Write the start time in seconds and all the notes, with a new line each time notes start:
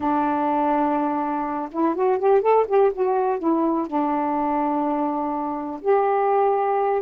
0.00 D4
1.71 E4
1.95 F#4
2.18 G4
2.41 A4
2.67 G4
2.93 F#4
3.38 E4
3.87 D4
5.81 G4